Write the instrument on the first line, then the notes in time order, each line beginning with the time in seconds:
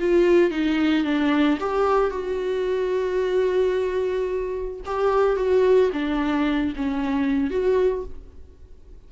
viola
0.00 F4
0.51 D#4
1.04 D4
1.60 G4
2.10 F#4
4.86 G4
5.36 F#4
5.93 D4
6.76 C#4
7.50 F#4